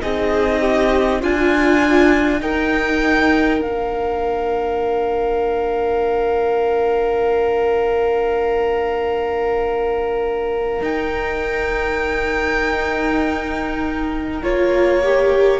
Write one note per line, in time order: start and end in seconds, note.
0.00 1.23 C4
0.00 1.20 D#4
0.00 0.60 G#4
0.00 1.22 D#5
0.60 1.20 G4
1.20 2.41 D4
1.20 2.40 F4
1.20 2.39 F4
1.20 2.42 G#5
2.39 3.59 D#4
2.39 3.60 D#4
2.39 15.60 A#4
2.39 3.62 G5
3.59 10.80 A#3
3.59 10.79 D4
3.59 10.82 F5
10.82 14.42 D#4
10.82 14.43 G5
14.42 15.60 A#3
14.42 15.02 F4
14.42 15.60 C#5
15.03 15.60 G4